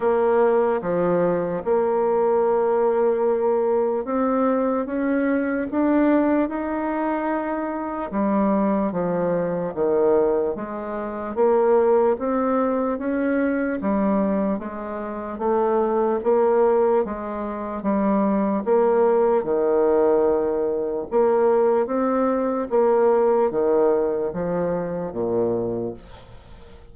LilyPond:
\new Staff \with { instrumentName = "bassoon" } { \time 4/4 \tempo 4 = 74 ais4 f4 ais2~ | ais4 c'4 cis'4 d'4 | dis'2 g4 f4 | dis4 gis4 ais4 c'4 |
cis'4 g4 gis4 a4 | ais4 gis4 g4 ais4 | dis2 ais4 c'4 | ais4 dis4 f4 ais,4 | }